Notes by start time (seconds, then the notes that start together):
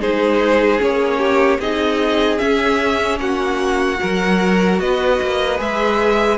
0.00 G#3 D#4 G#4 C5
0.78 A#3 C#4 C#5
1.18 G4
1.59 C4 D#4 G#4 D#5
2.39 C#4 E5
3.19 A#3 F#4 F#5
3.96 F#4 A#4
4.03 F#3
4.79 B3 B4 D#5
5.21 A#3
5.57 G#3 G#4 E5